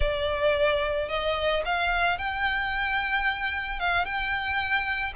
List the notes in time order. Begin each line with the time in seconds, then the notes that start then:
0.00 D5
1.09 D#5
1.65 F5
2.18 G5
3.79 F5
4.05 G5